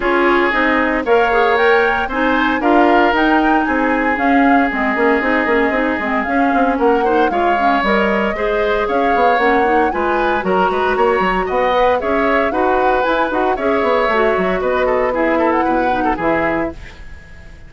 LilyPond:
<<
  \new Staff \with { instrumentName = "flute" } { \time 4/4 \tempo 4 = 115 cis''4 dis''4 f''4 g''4 | gis''4 f''4 g''4 gis''4 | f''4 dis''2. | f''4 fis''4 f''4 dis''4~ |
dis''4 f''4 fis''4 gis''4 | ais''2 fis''4 e''4 | fis''4 gis''8 fis''8 e''2 | dis''4 e''8. fis''4~ fis''16 e''4 | }
  \new Staff \with { instrumentName = "oboe" } { \time 4/4 gis'2 cis''2 | c''4 ais'2 gis'4~ | gis'1~ | gis'4 ais'8 c''8 cis''2 |
c''4 cis''2 b'4 | ais'8 b'8 cis''4 dis''4 cis''4 | b'2 cis''2 | b'8 a'8 gis'8 a'8 b'8. a'16 gis'4 | }
  \new Staff \with { instrumentName = "clarinet" } { \time 4/4 f'4 dis'4 ais'8 gis'8 ais'4 | dis'4 f'4 dis'2 | cis'4 c'8 cis'8 dis'8 cis'8 dis'8 c'8 | cis'4. dis'8 f'8 cis'8 ais'4 |
gis'2 cis'8 dis'8 f'4 | fis'2~ fis'8 b'8 gis'4 | fis'4 e'8 fis'8 gis'4 fis'4~ | fis'4 e'4. dis'8 e'4 | }
  \new Staff \with { instrumentName = "bassoon" } { \time 4/4 cis'4 c'4 ais2 | c'4 d'4 dis'4 c'4 | cis'4 gis8 ais8 c'8 ais8 c'8 gis8 | cis'8 c'8 ais4 gis4 g4 |
gis4 cis'8 b8 ais4 gis4 | fis8 gis8 ais8 fis8 b4 cis'4 | dis'4 e'8 dis'8 cis'8 b8 a8 fis8 | b2 b,4 e4 | }
>>